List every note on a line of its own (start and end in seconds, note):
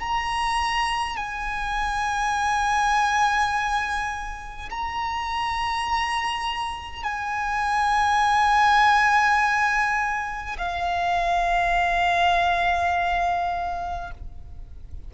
0.00 1.17 A#5
1.17 4.70 G#5
4.71 7.04 A#5
7.04 10.57 G#5
10.58 14.11 F5